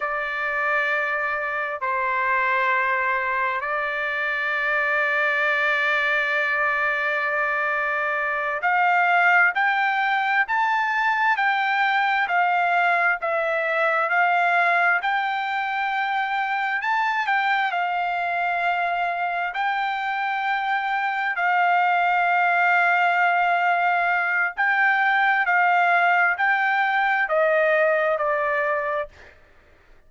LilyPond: \new Staff \with { instrumentName = "trumpet" } { \time 4/4 \tempo 4 = 66 d''2 c''2 | d''1~ | d''4. f''4 g''4 a''8~ | a''8 g''4 f''4 e''4 f''8~ |
f''8 g''2 a''8 g''8 f''8~ | f''4. g''2 f''8~ | f''2. g''4 | f''4 g''4 dis''4 d''4 | }